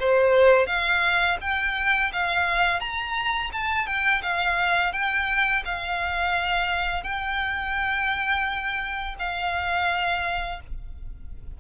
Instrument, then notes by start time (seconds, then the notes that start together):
violin
0.00 C5
0.67 F5
1.41 G5
2.13 F5
2.80 A#5
3.53 A5
3.87 G5
4.22 F5
4.93 G5
5.65 F5
7.04 G5
9.19 F5